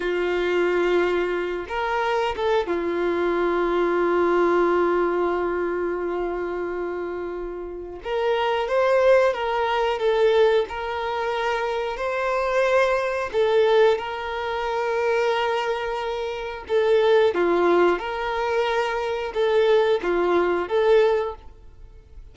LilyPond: \new Staff \with { instrumentName = "violin" } { \time 4/4 \tempo 4 = 90 f'2~ f'8 ais'4 a'8 | f'1~ | f'1 | ais'4 c''4 ais'4 a'4 |
ais'2 c''2 | a'4 ais'2.~ | ais'4 a'4 f'4 ais'4~ | ais'4 a'4 f'4 a'4 | }